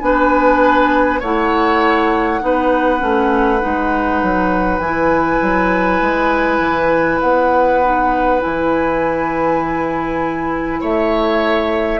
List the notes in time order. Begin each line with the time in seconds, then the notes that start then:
0.00 B3 D4 B4 G#5
1.20 A3 E4 C#5 F#5
2.40 B3 D#4 B4
2.99 A3 C#4
3.60 G#3 D#4
4.22 F#3
4.79 E3 E4 G#5
5.42 F#3
6.01 G#3
6.59 E3
7.21 B3 F#5
7.83 D#4
8.40 E3 E4 G#5
10.80 A3 C#5 E5